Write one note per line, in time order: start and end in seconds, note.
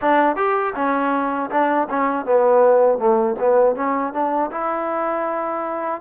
0.01 0.36 D4
0.36 0.73 G4
0.75 1.50 C#4
1.50 1.88 D4
1.89 2.25 C#4
2.25 2.98 B3
2.98 3.35 A3
3.39 3.75 B3
3.75 4.12 C#4
4.12 4.50 D4
4.51 6.01 E4